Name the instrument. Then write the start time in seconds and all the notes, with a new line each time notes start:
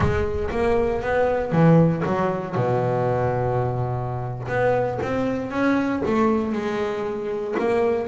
double bass
0.00 G#3
0.50 A#3
1.02 B3
1.52 E3
2.05 F#3
2.55 B2
4.48 B3
5.02 C4
5.51 C#4
6.05 A3
6.52 G#3
7.59 A#3